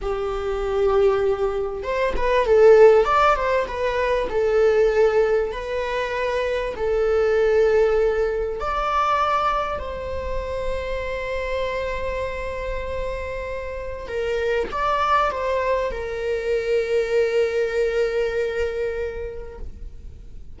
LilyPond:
\new Staff \with { instrumentName = "viola" } { \time 4/4 \tempo 4 = 98 g'2. c''8 b'8 | a'4 d''8 c''8 b'4 a'4~ | a'4 b'2 a'4~ | a'2 d''2 |
c''1~ | c''2. ais'4 | d''4 c''4 ais'2~ | ais'1 | }